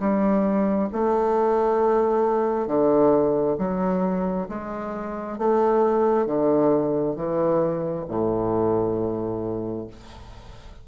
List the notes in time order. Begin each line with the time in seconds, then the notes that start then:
0.00 G3
0.93 A3
2.67 D3
3.59 F#3
4.49 G#3
5.39 A3
6.26 D3
7.16 E3
8.09 A2